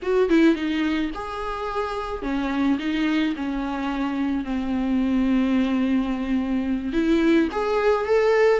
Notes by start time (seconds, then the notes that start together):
0.02 F#4
0.29 E4
0.55 D#4
1.14 G#4
2.22 C#4
2.79 D#4
3.36 C#4
4.44 C4
6.92 E4
7.52 G#4
8.05 A4